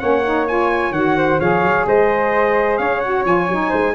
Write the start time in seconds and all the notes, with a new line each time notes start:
0.00 A#3 C#4 C#5 F#5
0.25 D#4
0.48 F4 G#5
0.92 D#3 F#4 F#5
1.18 C5
1.40 F3 G#4 C#5 F5
1.62 F#3
1.87 G#3 C5 D#5
2.78 C#4 C#5 F5
3.01 F#4 F#5
3.26 F3 F4 G#5
3.49 F#3 D#4
3.70 G#3 C5